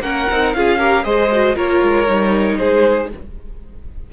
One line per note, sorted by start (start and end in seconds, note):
0.00 0.26 A#3
0.00 0.28 C#4
0.00 0.57 A#4
0.00 0.53 F#5
0.31 0.55 C4
0.31 0.55 D#4
0.53 1.05 C#4
0.53 0.79 F4
0.53 0.79 G#4
0.53 1.04 F5
0.79 1.04 G4
0.79 1.04 A#4
1.04 1.56 G#3
1.04 1.30 G#4
1.04 1.55 C5
1.04 1.56 D#5
1.32 1.56 F#4
1.55 1.82 A#3
1.55 2.07 F4
1.55 2.58 A#4
1.55 2.57 C#5
1.82 2.08 G#3
2.07 2.59 G3
2.07 3.10 D#4
2.57 3.13 G#3
2.57 3.10 G#4
2.57 3.09 C5